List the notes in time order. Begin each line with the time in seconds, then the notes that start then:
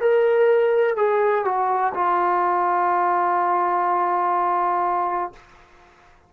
0.00 A#4
0.96 G#4
1.44 F#4
1.94 F4